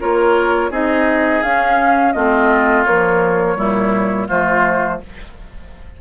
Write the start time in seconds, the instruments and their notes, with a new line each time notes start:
0.00 bassoon A#3, clarinet F4, oboe A#4, flute C#5
0.70 bassoon C4, clarinet D#4, oboe G#4, flute D#5
1.43 bassoon C#4, clarinet C#4, flute F5
2.12 bassoon A3, clarinet C4, oboe F4, flute D#5
2.84 clarinet F3, bassoon A#3, flute C#5
3.56 bassoon A#2, clarinet G3, oboe E4
4.28 bassoon F3, clarinet A3, oboe F4, flute C5